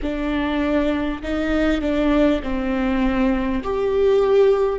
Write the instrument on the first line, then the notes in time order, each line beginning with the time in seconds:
viola
0.02 D4
1.22 D#4
1.81 D4
2.42 C4
3.63 G4